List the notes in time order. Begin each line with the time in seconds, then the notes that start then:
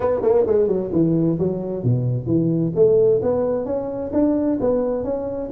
0.00 B3
0.22 A#3
0.46 G#3
0.67 F#3
0.92 E3
1.38 F#3
1.83 B2
2.26 E3
2.75 A3
3.22 B3
3.65 C#4
4.12 D4
4.60 B3
5.04 C#4